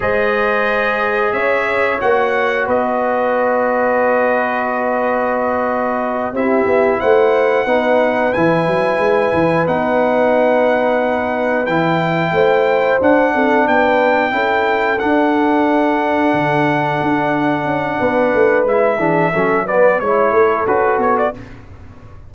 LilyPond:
<<
  \new Staff \with { instrumentName = "trumpet" } { \time 4/4 \tempo 4 = 90 dis''2 e''4 fis''4 | dis''1~ | dis''4. e''4 fis''4.~ | fis''8 gis''2 fis''4.~ |
fis''4. g''2 fis''8~ | fis''8 g''2 fis''4.~ | fis''1 | e''4. d''8 cis''4 b'8 cis''16 d''16 | }
  \new Staff \with { instrumentName = "horn" } { \time 4/4 c''2 cis''2 | b'1~ | b'4. g'4 c''4 b'8~ | b'1~ |
b'2~ b'8 c''4. | a'8 b'4 a'2~ a'8~ | a'2. b'4~ | b'8 gis'8 a'8 b'8 cis''8 a'4. | }
  \new Staff \with { instrumentName = "trombone" } { \time 4/4 gis'2. fis'4~ | fis'1~ | fis'4. e'2 dis'8~ | dis'8 e'2 dis'4.~ |
dis'4. e'2 d'8~ | d'4. e'4 d'4.~ | d'1 | e'8 d'8 cis'8 b8 e'4 fis'4 | }
  \new Staff \with { instrumentName = "tuba" } { \time 4/4 gis2 cis'4 ais4 | b1~ | b4. c'8 b8 a4 b8~ | b8 e8 fis8 gis8 e8 b4.~ |
b4. e4 a4 d'8 | c'8 b4 cis'4 d'4.~ | d'8 d4 d'4 cis'8 b8 a8 | gis8 e8 fis4 gis8 a8 cis'8 b8 | }
>>